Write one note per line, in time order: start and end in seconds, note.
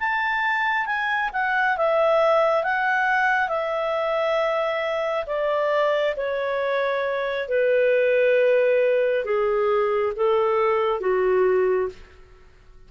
0.00 0.86 A5
0.86 1.30 G#5
1.34 1.78 F#5
1.78 2.64 E5
2.64 3.49 F#5
3.49 5.25 E5
5.27 6.15 D5
6.17 7.49 C#5
7.49 9.25 B4
9.25 10.14 G#4
10.16 11.01 A4
11.01 11.89 F#4